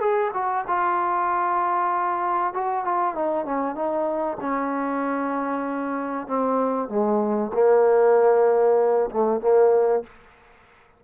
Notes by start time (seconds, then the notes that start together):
0.00 G#4
0.34 F#4
0.68 F4
2.53 F#4
2.85 F4
3.15 D#4
3.45 C#4
3.75 D#4
4.40 C#4
6.27 C4
6.89 G#3
7.54 A#3
9.10 A3
9.41 A#3